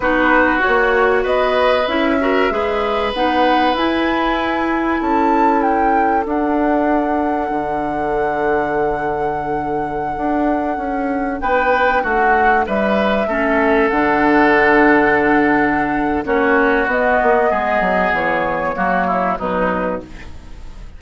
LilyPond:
<<
  \new Staff \with { instrumentName = "flute" } { \time 4/4 \tempo 4 = 96 b'4 cis''4 dis''4 e''4~ | e''4 fis''4 gis''2 | a''4 g''4 fis''2~ | fis''1~ |
fis''2~ fis''16 g''4 fis''8.~ | fis''16 e''2 fis''4.~ fis''16~ | fis''2 cis''4 dis''4~ | dis''4 cis''2 b'4 | }
  \new Staff \with { instrumentName = "oboe" } { \time 4/4 fis'2 b'4. ais'8 | b'1 | a'1~ | a'1~ |
a'2~ a'16 b'4 fis'8.~ | fis'16 b'4 a'2~ a'8.~ | a'2 fis'2 | gis'2 fis'8 e'8 dis'4 | }
  \new Staff \with { instrumentName = "clarinet" } { \time 4/4 dis'4 fis'2 e'8 fis'8 | gis'4 dis'4 e'2~ | e'2 d'2~ | d'1~ |
d'1~ | d'4~ d'16 cis'4 d'4.~ d'16~ | d'2 cis'4 b4~ | b2 ais4 fis4 | }
  \new Staff \with { instrumentName = "bassoon" } { \time 4/4 b4 ais4 b4 cis'4 | gis4 b4 e'2 | cis'2 d'2 | d1~ |
d16 d'4 cis'4 b4 a8.~ | a16 g4 a4 d4.~ d16~ | d2 ais4 b8 ais8 | gis8 fis8 e4 fis4 b,4 | }
>>